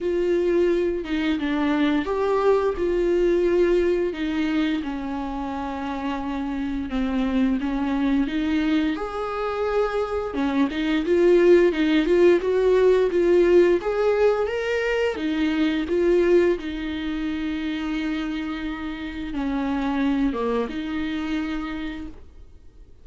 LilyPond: \new Staff \with { instrumentName = "viola" } { \time 4/4 \tempo 4 = 87 f'4. dis'8 d'4 g'4 | f'2 dis'4 cis'4~ | cis'2 c'4 cis'4 | dis'4 gis'2 cis'8 dis'8 |
f'4 dis'8 f'8 fis'4 f'4 | gis'4 ais'4 dis'4 f'4 | dis'1 | cis'4. ais8 dis'2 | }